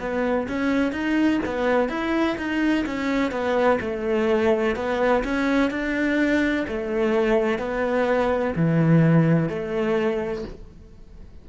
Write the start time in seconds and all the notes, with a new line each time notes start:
0.00 B3
0.48 C#4
0.92 D#4
1.45 B3
1.89 E4
2.38 D#4
2.86 C#4
3.32 B3
3.81 A3
4.76 B3
5.25 C#4
5.71 D4
6.68 A3
7.59 B3
8.56 E3
9.49 A3